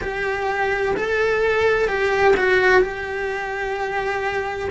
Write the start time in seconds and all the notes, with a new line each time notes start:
0.01 G4
0.96 A4
1.87 G4
2.37 F#4
2.81 G4